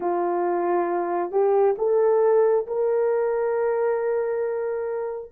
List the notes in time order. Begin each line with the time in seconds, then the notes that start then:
0.00 F4
1.31 G4
1.78 A4
2.66 A#4